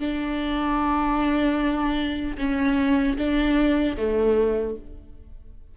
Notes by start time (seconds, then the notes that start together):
0.00 D4
2.38 C#4
3.18 D4
3.97 A3